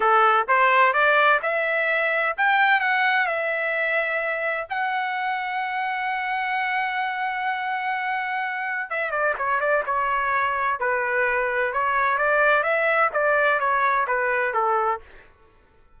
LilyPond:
\new Staff \with { instrumentName = "trumpet" } { \time 4/4 \tempo 4 = 128 a'4 c''4 d''4 e''4~ | e''4 g''4 fis''4 e''4~ | e''2 fis''2~ | fis''1~ |
fis''2. e''8 d''8 | cis''8 d''8 cis''2 b'4~ | b'4 cis''4 d''4 e''4 | d''4 cis''4 b'4 a'4 | }